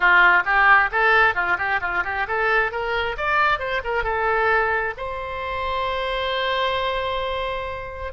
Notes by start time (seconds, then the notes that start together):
0.00 F4
0.45 G4
0.91 A4
1.34 F4
1.57 G4
1.80 F4
2.04 G4
2.27 A4
2.71 A#4
3.17 D5
3.59 C5
3.83 A#4
4.03 A4
4.97 C5